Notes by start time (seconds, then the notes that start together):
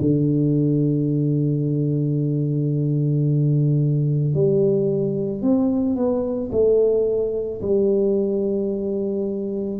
0.00 D3
4.34 G3
5.41 C4
5.96 B3
6.52 A3
7.61 G3